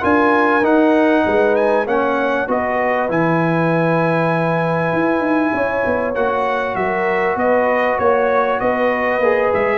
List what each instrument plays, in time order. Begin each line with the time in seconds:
0.00 tuba D4, trombone F4, horn A#4, trumpet G#5
0.63 tuba D#4, trombone D#4, trumpet F#5
1.25 tuba G#3, horn B4
1.56 trumpet G#5
1.86 tuba A#3, trombone C#4, horn C#5, trumpet F#5
2.48 tuba B3, trombone F#4, horn B4, trumpet D#5
3.09 tuba E3, trombone E4, trumpet G#5
4.93 tuba E4
5.20 tuba D#4
5.53 tuba C#4, horn C#5
5.86 tuba B3
6.15 tuba A#3, trombone F#4, trumpet F#5
6.75 tuba F#3, horn A#4, trumpet E5
7.36 tuba B3, horn B4, trumpet D#5
7.98 tuba A#3, horn C#5, trumpet C#5
8.60 tuba B3, horn B4, trumpet D#5
9.20 tuba A#3, trombone G#4
9.54 tuba G#3, trumpet E5